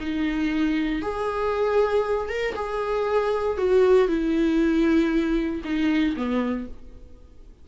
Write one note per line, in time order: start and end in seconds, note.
0.00 1.02 D#4
1.02 2.28 G#4
2.28 2.54 A#4
2.55 3.57 G#4
3.57 4.08 F#4
4.08 5.62 E4
5.64 6.15 D#4
6.16 6.68 B3